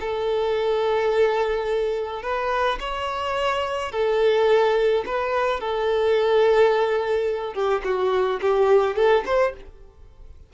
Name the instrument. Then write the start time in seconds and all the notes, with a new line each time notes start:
violin
0.00 A4
2.22 B4
2.80 C#5
3.92 A4
5.05 B4
5.60 A4
7.54 G4
7.84 F#4
8.41 G4
8.95 A4
9.25 C5